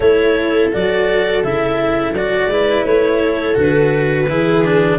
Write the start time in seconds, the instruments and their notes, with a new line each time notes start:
0.00 tuba A3, cello E4, viola A4, clarinet C#5
0.72 tuba F#3, cello F#4, clarinet D5
1.43 tuba C#3, cello E4, clarinet E5
2.12 tuba F#3, cello F#4, clarinet D5
2.47 tuba G#3, cello E4, viola B4
2.85 tuba A3, clarinet C#5
3.21 viola A4
3.54 tuba D3, cello F#4, clarinet B4
4.29 tuba E3, cello E4, viola G#4
4.64 cello D4